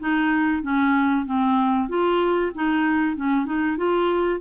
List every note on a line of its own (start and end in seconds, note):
0.00 0.63 D#4
0.63 1.26 C#4
1.26 1.89 C4
1.89 2.52 F4
2.55 3.17 D#4
3.17 3.46 C#4
3.46 3.78 D#4
3.78 4.41 F4